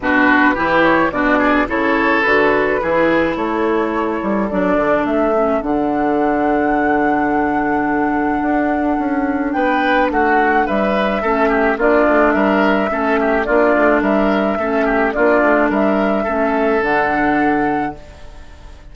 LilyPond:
<<
  \new Staff \with { instrumentName = "flute" } { \time 4/4 \tempo 4 = 107 b'4. cis''8 d''4 cis''4 | b'2 cis''2 | d''4 e''4 fis''2~ | fis''1~ |
fis''4 g''4 fis''4 e''4~ | e''4 d''4 e''2 | d''4 e''2 d''4 | e''2 fis''2 | }
  \new Staff \with { instrumentName = "oboe" } { \time 4/4 fis'4 g'4 fis'8 gis'8 a'4~ | a'4 gis'4 a'2~ | a'1~ | a'1~ |
a'4 b'4 fis'4 b'4 | a'8 g'8 f'4 ais'4 a'8 g'8 | f'4 ais'4 a'8 g'8 f'4 | ais'4 a'2. | }
  \new Staff \with { instrumentName = "clarinet" } { \time 4/4 d'4 e'4 d'4 e'4 | fis'4 e'2. | d'4. cis'8 d'2~ | d'1~ |
d'1 | cis'4 d'2 cis'4 | d'2 cis'4 d'4~ | d'4 cis'4 d'2 | }
  \new Staff \with { instrumentName = "bassoon" } { \time 4/4 b,4 e4 b,4 cis4 | d4 e4 a4. g8 | fis8 d8 a4 d2~ | d2. d'4 |
cis'4 b4 a4 g4 | a4 ais8 a8 g4 a4 | ais8 a8 g4 a4 ais8 a8 | g4 a4 d2 | }
>>